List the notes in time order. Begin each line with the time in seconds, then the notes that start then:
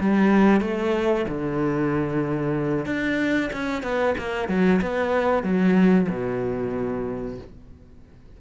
0.00 G3
0.61 A3
1.28 D3
2.86 D4
3.53 C#4
3.82 B3
4.18 A#3
4.48 F#3
4.81 B3
5.43 F#3
6.09 B2